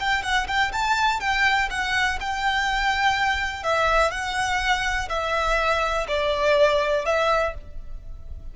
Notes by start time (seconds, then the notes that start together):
0.00 G5
0.23 F#5
0.47 G5
0.73 A5
1.20 G5
1.71 F#5
2.20 G5
3.63 E5
4.11 F#5
5.09 E5
6.08 D5
7.06 E5